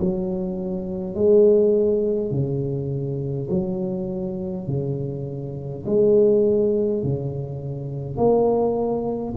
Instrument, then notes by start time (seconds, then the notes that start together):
tuba
0.00 F#3
1.15 G#3
2.31 C#3
3.50 F#3
4.67 C#3
5.86 G#3
7.03 C#3
8.17 A#3